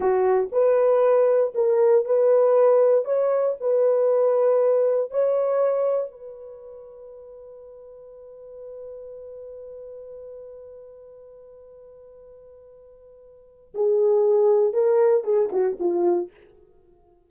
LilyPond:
\new Staff \with { instrumentName = "horn" } { \time 4/4 \tempo 4 = 118 fis'4 b'2 ais'4 | b'2 cis''4 b'4~ | b'2 cis''2 | b'1~ |
b'1~ | b'1~ | b'2. gis'4~ | gis'4 ais'4 gis'8 fis'8 f'4 | }